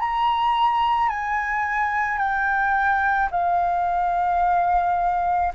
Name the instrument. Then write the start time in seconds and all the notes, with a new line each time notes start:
flute
0.00 A#5
1.10 G#5
2.18 G5
3.32 F5